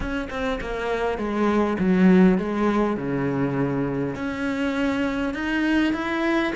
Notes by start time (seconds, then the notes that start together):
0.00 C#4
0.29 C4
0.60 A#3
1.17 G#3
1.78 F#3
2.38 G#3
2.96 C#3
4.15 C#4
5.34 D#4
5.93 E4